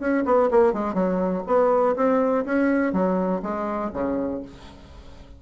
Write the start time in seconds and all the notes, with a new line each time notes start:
0.00 C#4
0.25 B3
0.51 A#3
0.74 G#3
0.95 F#3
1.47 B3
1.97 C4
2.46 C#4
2.93 F#3
3.43 G#3
3.94 C#3